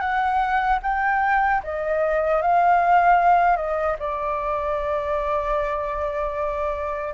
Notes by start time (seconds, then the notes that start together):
0.00 F#5
0.83 G5
1.63 D#5
2.42 F5
3.56 D#5
3.99 D5